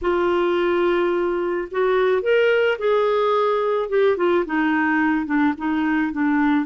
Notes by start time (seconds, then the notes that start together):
0.01 F4
1.71 F#4
2.22 A#4
2.78 G#4
3.89 G4
4.16 F4
4.45 D#4
5.26 D4
5.57 D#4
6.12 D4